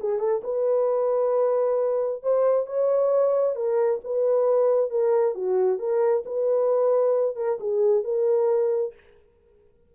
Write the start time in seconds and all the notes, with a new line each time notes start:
0.00 G#4
0.19 A4
0.44 B4
2.23 C5
2.67 C#5
3.56 A#4
4.04 B4
4.91 A#4
5.35 F#4
5.79 A#4
6.25 B4
7.36 A#4
7.60 G#4
8.04 A#4